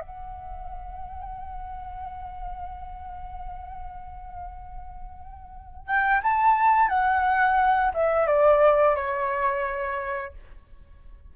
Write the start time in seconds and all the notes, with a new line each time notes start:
0.00 F#5
5.86 G5
6.22 A5
6.88 F#5
7.93 E5
8.26 D5
8.95 C#5